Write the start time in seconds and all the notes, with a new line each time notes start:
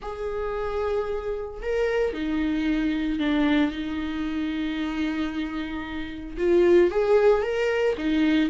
0.01 G#4
1.62 A#4
2.13 D#4
3.19 D4
3.71 D#4
6.37 F4
6.91 G#4
7.42 A#4
7.97 D#4